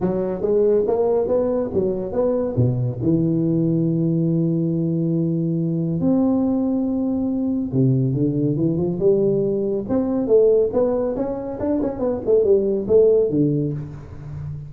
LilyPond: \new Staff \with { instrumentName = "tuba" } { \time 4/4 \tempo 4 = 140 fis4 gis4 ais4 b4 | fis4 b4 b,4 e4~ | e1~ | e2 c'2~ |
c'2 c4 d4 | e8 f8 g2 c'4 | a4 b4 cis'4 d'8 cis'8 | b8 a8 g4 a4 d4 | }